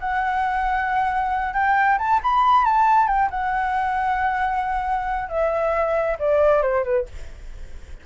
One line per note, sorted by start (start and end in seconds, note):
0.00 1.54 F#5
1.54 1.98 G5
1.98 2.20 A5
2.23 2.65 B5
2.65 3.07 A5
3.07 3.29 G5
3.30 5.29 F#5
5.29 6.17 E5
6.19 6.62 D5
6.62 6.84 C5
6.84 7.06 B4